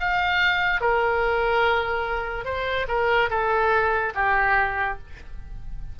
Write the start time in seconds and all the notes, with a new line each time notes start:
0.00 F5
0.81 A#4
2.45 C5
2.88 A#4
3.30 A4
4.15 G4